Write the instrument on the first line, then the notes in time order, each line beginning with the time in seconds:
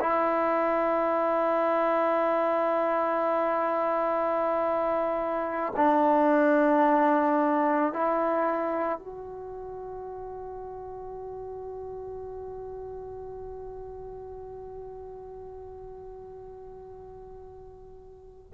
trombone
0.00 E4
5.76 D4
7.93 E4
8.99 F#4